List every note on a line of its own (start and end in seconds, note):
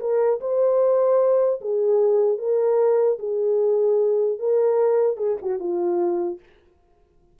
0.00 0.40 A#4
0.40 1.60 C5
1.61 2.38 G#4
2.38 3.18 A#4
3.19 4.39 G#4
4.39 5.17 A#4
5.17 5.37 G#4
5.42 5.59 F#4
5.59 6.39 F4